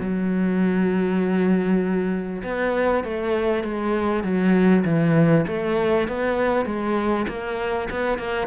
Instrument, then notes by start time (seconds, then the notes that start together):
cello
0.00 F#3
2.43 B3
3.04 A3
3.64 G#3
4.23 F#3
4.85 E3
5.47 A3
6.08 B3
6.66 G#3
7.28 A#3
7.90 B3
8.18 A#3